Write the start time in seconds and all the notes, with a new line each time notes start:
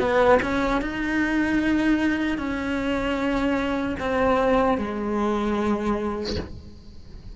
0.00 B3
0.43 C#4
0.82 D#4
2.38 C#4
4.00 C4
4.78 G#3